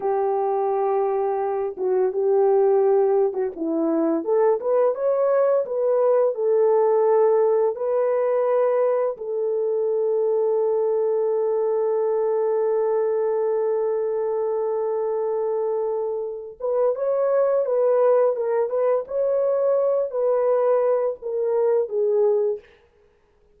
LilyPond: \new Staff \with { instrumentName = "horn" } { \time 4/4 \tempo 4 = 85 g'2~ g'8 fis'8 g'4~ | g'8. fis'16 e'4 a'8 b'8 cis''4 | b'4 a'2 b'4~ | b'4 a'2.~ |
a'1~ | a'2.~ a'8 b'8 | cis''4 b'4 ais'8 b'8 cis''4~ | cis''8 b'4. ais'4 gis'4 | }